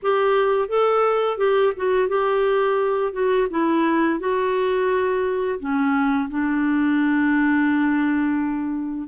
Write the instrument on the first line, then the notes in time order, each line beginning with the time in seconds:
clarinet
0.02 G4
0.68 A4
1.37 G4
1.76 F#4
2.08 G4
3.12 F#4
3.50 E4
4.19 F#4
5.59 C#4
6.29 D4